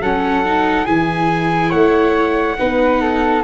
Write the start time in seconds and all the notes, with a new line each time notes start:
0.00 F#3 C#4 A4 F#5
0.45 D#4
0.84 E3 E4 G#4 G#5
1.70 A3 C#5 F#5
2.59 B3 D#4 B4
3.01 A4